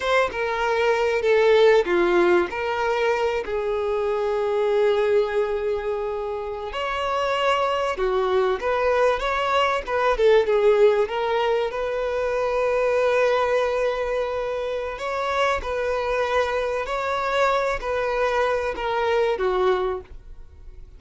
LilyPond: \new Staff \with { instrumentName = "violin" } { \time 4/4 \tempo 4 = 96 c''8 ais'4. a'4 f'4 | ais'4. gis'2~ gis'8~ | gis'2~ gis'8. cis''4~ cis''16~ | cis''8. fis'4 b'4 cis''4 b'16~ |
b'16 a'8 gis'4 ais'4 b'4~ b'16~ | b'1 | cis''4 b'2 cis''4~ | cis''8 b'4. ais'4 fis'4 | }